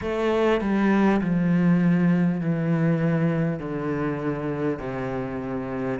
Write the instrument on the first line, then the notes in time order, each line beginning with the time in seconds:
cello
0.01 A3
0.60 G3
1.21 F3
2.41 E3
3.59 D3
4.79 C3